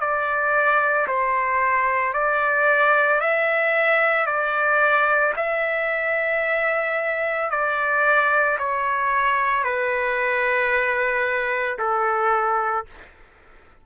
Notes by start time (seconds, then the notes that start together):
0.00 D5
1.07 C5
2.13 D5
3.20 E5
4.26 D5
5.36 E5
7.50 D5
8.59 C#5
9.64 B4
11.79 A4